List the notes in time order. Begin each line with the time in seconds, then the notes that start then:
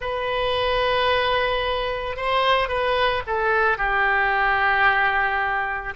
0.00 B4
2.16 C5
2.68 B4
3.27 A4
3.77 G4